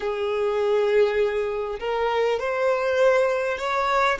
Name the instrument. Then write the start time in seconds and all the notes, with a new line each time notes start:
violin
0.00 G#4
1.79 A#4
2.39 C5
3.58 C#5